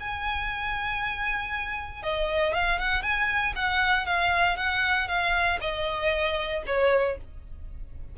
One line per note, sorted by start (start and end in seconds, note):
0.00 2.03 G#5
2.03 2.54 D#5
2.54 2.79 F5
2.79 3.03 F#5
3.03 3.54 G#5
3.56 4.06 F#5
4.06 4.57 F5
4.57 5.08 F#5
5.08 5.59 F5
5.61 6.64 D#5
6.67 7.18 C#5